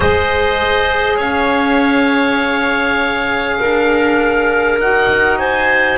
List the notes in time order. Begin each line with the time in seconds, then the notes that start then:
0.00 G#3 G#4 C5 D#5
1.16 C#4 C#5 F5
3.60 D4 A#4
4.78 D#4 F#4 F#5
5.38 C5 G#5